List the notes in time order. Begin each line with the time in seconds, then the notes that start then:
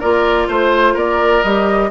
0.00 A#3 F4 A#4 D5
0.48 A3 C5
0.94 A#3 A#4 D5
1.43 G3 G4 D#5